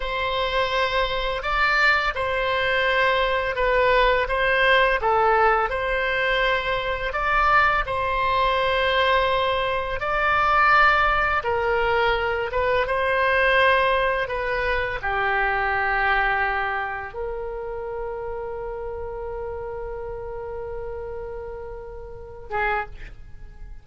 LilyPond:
\new Staff \with { instrumentName = "oboe" } { \time 4/4 \tempo 4 = 84 c''2 d''4 c''4~ | c''4 b'4 c''4 a'4 | c''2 d''4 c''4~ | c''2 d''2 |
ais'4. b'8 c''2 | b'4 g'2. | ais'1~ | ais'2.~ ais'8 gis'8 | }